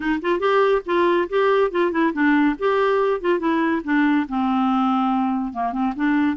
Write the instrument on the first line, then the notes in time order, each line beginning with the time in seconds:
clarinet
0.00 D#4
0.21 F4
0.39 G4
0.85 F4
1.29 G4
1.71 F4
1.91 E4
2.13 D4
2.58 G4
3.20 F4
3.39 E4
3.84 D4
4.28 C4
5.53 A#3
5.72 C4
5.96 D4